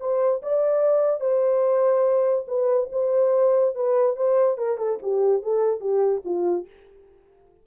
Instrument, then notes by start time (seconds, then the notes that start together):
horn
0.00 C5
0.42 D5
1.21 C5
2.48 B4
2.92 C5
3.75 B4
4.16 C5
4.58 A#4
4.78 A4
5.02 G4
5.43 A4
5.80 G4
6.25 F4